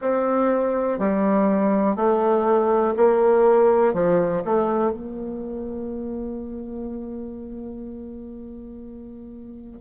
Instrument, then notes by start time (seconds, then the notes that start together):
bassoon
0.01 C4
0.98 G3
1.95 A3
2.96 A#3
3.93 F3
4.44 A3
4.91 A#3